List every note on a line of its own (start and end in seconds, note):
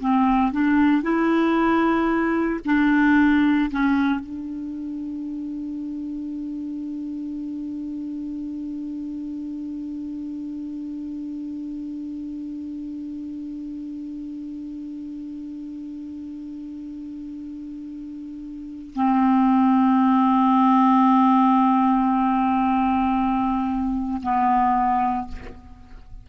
0.00 0.52 C4
0.52 1.03 D4
1.03 2.61 E4
2.66 3.71 D4
3.71 4.21 C#4
4.21 18.94 D4
18.95 24.22 C4
24.23 25.28 B3